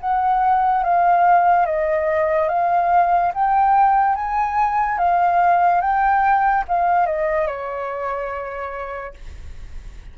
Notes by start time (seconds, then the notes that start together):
0.00 F#5
0.83 F5
1.66 D#5
2.48 F5
3.34 G5
4.15 G#5
4.98 F5
5.81 G5
6.68 F5
7.06 D#5
7.47 C#5